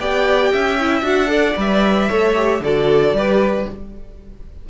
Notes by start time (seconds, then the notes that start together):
0.00 B3 G4 D5 G5
0.53 C#4 E5
0.80 E4
1.02 D4 F#4 F#5
1.27 A4 D5
1.57 G3 B4 E5
2.09 A3 A4 C#5
2.35 G4
2.61 D3 F#4 A4 D5
3.13 G3 G4 B4